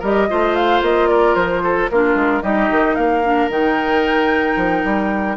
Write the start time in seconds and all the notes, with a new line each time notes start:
0.00 G3 G4 A#4 D#5
0.30 A3 F4 C5
0.55 F5
0.82 A#3 D#5
1.08 A#4 D5
1.35 F3 C5
1.64 A4
1.90 A#3 D4 F4 A#4
2.15 G#3
2.43 G3 D#4 G4 D#5
2.71 D#3
2.96 A#3 A#4 F5
3.24 D4
3.49 D#3 D#4 G5
4.57 F3
4.85 G3